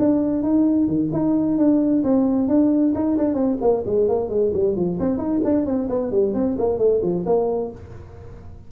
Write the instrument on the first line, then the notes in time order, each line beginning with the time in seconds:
tuba
0.00 D4
0.43 D#4
0.88 D#3
1.13 D#4
1.58 D4
2.04 C4
2.48 D4
2.95 D#4
3.18 D4
3.35 C4
3.62 A#3
3.87 G#3
4.09 A#3
4.30 G#3
4.54 G3
4.77 F3
5.00 C4
5.18 D#4
5.45 D4
5.66 C4
5.90 B3
6.12 G3
6.35 C4
6.59 A#3
6.79 A3
7.03 F3
7.26 A#3